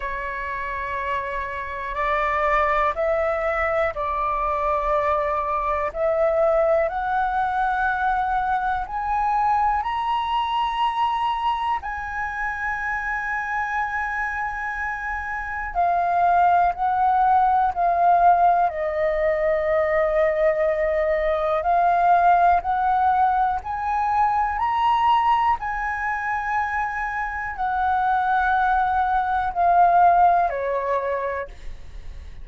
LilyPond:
\new Staff \with { instrumentName = "flute" } { \time 4/4 \tempo 4 = 61 cis''2 d''4 e''4 | d''2 e''4 fis''4~ | fis''4 gis''4 ais''2 | gis''1 |
f''4 fis''4 f''4 dis''4~ | dis''2 f''4 fis''4 | gis''4 ais''4 gis''2 | fis''2 f''4 cis''4 | }